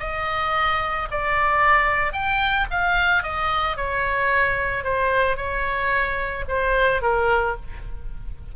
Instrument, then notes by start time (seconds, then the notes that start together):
oboe
0.00 D#5
1.11 D5
2.13 G5
2.71 F5
3.23 D#5
3.77 C#5
4.84 C5
5.37 C#5
6.48 C5
7.02 A#4